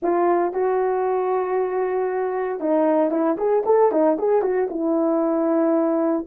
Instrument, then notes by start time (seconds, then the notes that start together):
horn
0.02 F4
0.53 F#4
2.60 D#4
3.10 E4
3.37 G#4
3.65 A4
3.91 D#4
4.18 G#4
4.42 F#4
4.70 E4